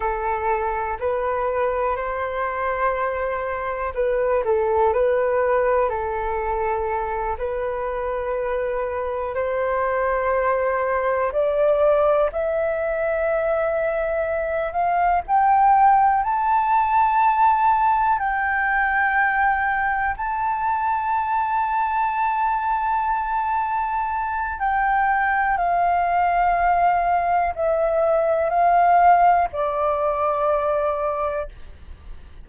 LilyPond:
\new Staff \with { instrumentName = "flute" } { \time 4/4 \tempo 4 = 61 a'4 b'4 c''2 | b'8 a'8 b'4 a'4. b'8~ | b'4. c''2 d''8~ | d''8 e''2~ e''8 f''8 g''8~ |
g''8 a''2 g''4.~ | g''8 a''2.~ a''8~ | a''4 g''4 f''2 | e''4 f''4 d''2 | }